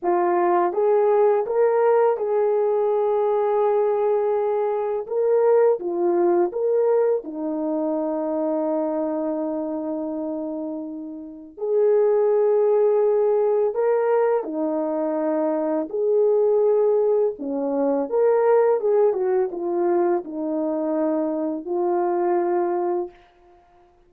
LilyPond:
\new Staff \with { instrumentName = "horn" } { \time 4/4 \tempo 4 = 83 f'4 gis'4 ais'4 gis'4~ | gis'2. ais'4 | f'4 ais'4 dis'2~ | dis'1 |
gis'2. ais'4 | dis'2 gis'2 | cis'4 ais'4 gis'8 fis'8 f'4 | dis'2 f'2 | }